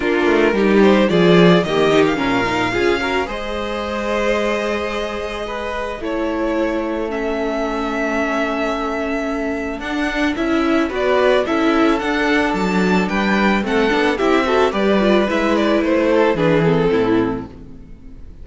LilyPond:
<<
  \new Staff \with { instrumentName = "violin" } { \time 4/4 \tempo 4 = 110 ais'4. c''8 d''4 dis''8. f''16~ | f''2 dis''2~ | dis''2. cis''4~ | cis''4 e''2.~ |
e''2 fis''4 e''4 | d''4 e''4 fis''4 a''4 | g''4 fis''4 e''4 d''4 | e''8 d''8 c''4 b'8 a'4. | }
  \new Staff \with { instrumentName = "violin" } { \time 4/4 f'4 g'4 gis'4 g'4 | ais'4 gis'8 ais'8 c''2~ | c''2 b'4 a'4~ | a'1~ |
a'1 | b'4 a'2. | b'4 a'4 g'8 a'8 b'4~ | b'4. a'8 gis'4 e'4 | }
  \new Staff \with { instrumentName = "viola" } { \time 4/4 d'4 dis'4 f'4 ais8 dis'8 | cis'8 dis'8 f'8 fis'8 gis'2~ | gis'2. e'4~ | e'4 cis'2.~ |
cis'2 d'4 e'4 | fis'4 e'4 d'2~ | d'4 c'8 d'8 e'8 fis'8 g'8 f'8 | e'2 d'8 c'4. | }
  \new Staff \with { instrumentName = "cello" } { \time 4/4 ais8 a8 g4 f4 dis4 | ais,4 cis'4 gis2~ | gis2. a4~ | a1~ |
a2 d'4 cis'4 | b4 cis'4 d'4 fis4 | g4 a8 b8 c'4 g4 | gis4 a4 e4 a,4 | }
>>